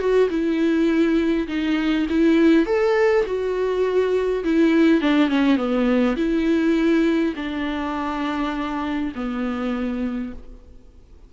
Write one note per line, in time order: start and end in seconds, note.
0.00 0.29 F#4
0.30 1.48 E4
1.48 2.07 D#4
2.10 2.67 E4
2.67 3.25 A4
3.26 4.44 F#4
4.45 5.02 E4
5.02 5.29 D4
5.29 5.57 C#4
5.57 6.16 B3
6.17 7.34 E4
7.37 9.13 D4
9.16 10.33 B3